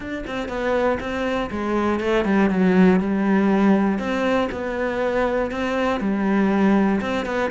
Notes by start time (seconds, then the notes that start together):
0.00 D4
0.26 C4
0.48 B3
1.00 C4
1.50 G#3
2.00 A3
2.25 G3
2.50 F#3
3.00 G3
3.99 C4
4.51 B3
5.51 C4
6.00 G3
7.00 C4
7.25 B3